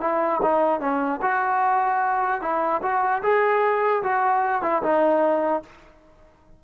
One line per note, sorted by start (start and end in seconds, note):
0.00 0.40 E4
0.42 0.80 D#4
0.80 1.20 C#4
1.21 2.41 F#4
2.41 2.81 E4
2.82 3.22 F#4
3.23 4.03 G#4
4.03 4.62 F#4
4.62 4.82 E4
4.82 5.62 D#4